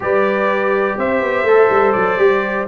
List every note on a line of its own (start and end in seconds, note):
0.00 0.97 G3
0.00 1.46 G4
0.00 0.98 B4
0.00 0.98 D5
0.97 1.21 C4
0.97 2.68 C5
0.97 1.92 E5
1.21 1.43 B3
1.43 1.67 A3
1.43 2.18 A4
1.70 1.94 G3
1.92 2.18 F#3
1.92 2.65 D5
2.18 2.66 G3
2.18 2.66 G4